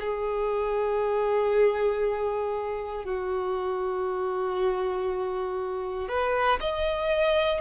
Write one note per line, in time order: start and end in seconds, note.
0.00 3.05 G#4
3.05 6.08 F#4
6.08 6.59 B4
6.61 7.61 D#5